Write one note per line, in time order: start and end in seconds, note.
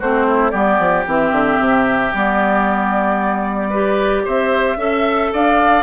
0.00 0.53 A3
0.00 0.52 C4
0.00 0.27 F#4
0.00 0.50 C5
0.27 0.51 E4
0.50 0.79 G3
0.50 1.05 B3
0.50 3.70 G4
0.50 1.03 D5
0.79 1.06 F3
1.07 1.32 E3
1.07 2.14 C4
1.07 2.13 E5
1.32 1.58 D3
1.60 2.13 C3
2.13 4.26 G3
2.13 3.72 B3
2.13 4.26 D5
3.70 4.78 G4
3.70 4.23 B4
4.25 4.77 C4
4.25 4.78 C5
4.25 5.34 E5
4.77 5.30 C#4
4.77 5.83 A4
4.77 5.31 E5
5.33 5.83 D4
5.33 5.83 D5
5.33 5.83 F5